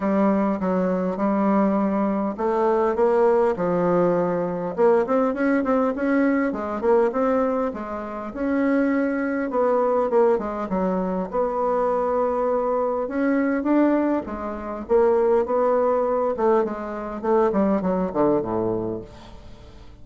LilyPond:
\new Staff \with { instrumentName = "bassoon" } { \time 4/4 \tempo 4 = 101 g4 fis4 g2 | a4 ais4 f2 | ais8 c'8 cis'8 c'8 cis'4 gis8 ais8 | c'4 gis4 cis'2 |
b4 ais8 gis8 fis4 b4~ | b2 cis'4 d'4 | gis4 ais4 b4. a8 | gis4 a8 g8 fis8 d8 a,4 | }